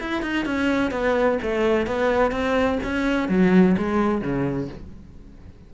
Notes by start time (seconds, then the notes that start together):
0.00 E4
0.22 D#4
0.46 C#4
0.91 B3
1.42 A3
1.87 B3
2.32 C4
2.84 C#4
3.29 F#3
3.78 G#3
4.22 C#3